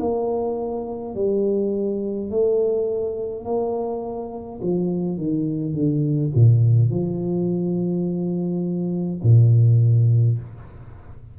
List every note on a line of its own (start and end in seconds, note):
0.00 1.15 A#3
1.15 2.30 G3
2.30 3.45 A3
3.45 4.60 A#3
4.62 5.18 F3
5.18 5.73 D#3
5.73 6.31 D3
6.35 6.91 A#2
6.91 9.22 F3
9.23 10.38 A#2